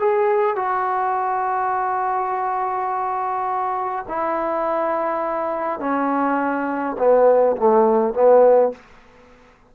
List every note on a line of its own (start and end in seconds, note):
0.00 0.56 G#4
0.56 4.06 F#4
4.09 5.80 E4
5.80 6.97 C#4
6.98 7.57 B3
7.57 8.14 A3
8.14 8.72 B3